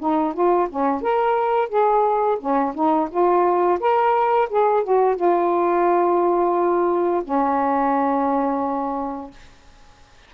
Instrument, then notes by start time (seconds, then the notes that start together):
saxophone
0.00 D#4
0.34 F4
0.70 C#4
1.02 A#4
1.69 G#4
2.40 C#4
2.75 D#4
3.11 F4
3.80 A#4
4.50 G#4
4.84 F#4
5.16 F4
7.24 C#4